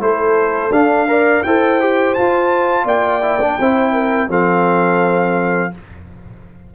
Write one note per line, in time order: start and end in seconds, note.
0.00 0.70 A3
0.00 0.71 E4
0.00 1.10 A4
0.00 0.72 C5
0.70 1.42 D4
0.70 1.08 D4
0.70 1.43 F5
1.08 1.44 A#4
1.08 1.46 D5
1.43 2.17 E4
1.43 1.81 A4
1.43 2.85 C5
1.43 2.14 G5
1.81 2.17 G4
2.14 3.21 F4
2.14 2.85 F4
2.14 2.86 A5
2.85 3.56 A#3
2.85 3.56 D5
2.85 4.31 G5
3.21 3.39 E4
3.42 3.59 D4
3.59 4.29 C4
3.59 4.29 E4
3.59 3.93 C5
3.93 4.29 A#4
4.29 5.72 F3
4.29 5.72 C4
4.29 5.73 A4
4.29 5.75 F5